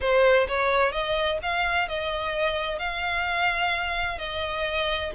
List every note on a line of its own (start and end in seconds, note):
0.00 0.47 C5
0.48 0.92 C#5
0.92 1.38 D#5
1.42 1.88 F5
1.88 2.78 D#5
2.78 4.18 F5
4.18 5.11 D#5